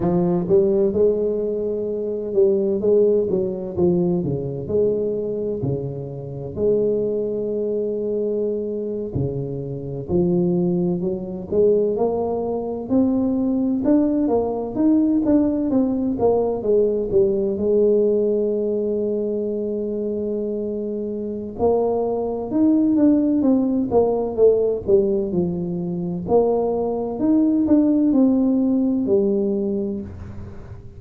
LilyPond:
\new Staff \with { instrumentName = "tuba" } { \time 4/4 \tempo 4 = 64 f8 g8 gis4. g8 gis8 fis8 | f8 cis8 gis4 cis4 gis4~ | gis4.~ gis16 cis4 f4 fis16~ | fis16 gis8 ais4 c'4 d'8 ais8 dis'16~ |
dis'16 d'8 c'8 ais8 gis8 g8 gis4~ gis16~ | gis2. ais4 | dis'8 d'8 c'8 ais8 a8 g8 f4 | ais4 dis'8 d'8 c'4 g4 | }